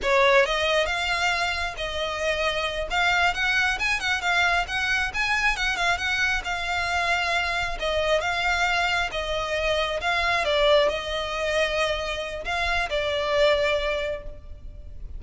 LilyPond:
\new Staff \with { instrumentName = "violin" } { \time 4/4 \tempo 4 = 135 cis''4 dis''4 f''2 | dis''2~ dis''8 f''4 fis''8~ | fis''8 gis''8 fis''8 f''4 fis''4 gis''8~ | gis''8 fis''8 f''8 fis''4 f''4.~ |
f''4. dis''4 f''4.~ | f''8 dis''2 f''4 d''8~ | d''8 dis''2.~ dis''8 | f''4 d''2. | }